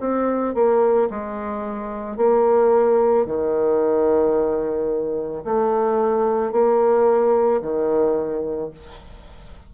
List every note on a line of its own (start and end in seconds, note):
0.00 0.54 C4
0.54 1.09 A#3
1.10 2.17 G#3
2.17 3.26 A#3
3.26 5.44 D#3
5.44 6.52 A3
6.52 7.61 A#3
7.62 8.71 D#3